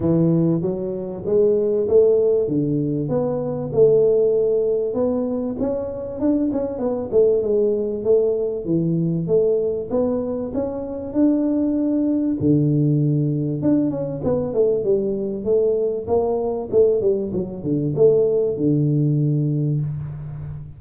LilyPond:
\new Staff \with { instrumentName = "tuba" } { \time 4/4 \tempo 4 = 97 e4 fis4 gis4 a4 | d4 b4 a2 | b4 cis'4 d'8 cis'8 b8 a8 | gis4 a4 e4 a4 |
b4 cis'4 d'2 | d2 d'8 cis'8 b8 a8 | g4 a4 ais4 a8 g8 | fis8 d8 a4 d2 | }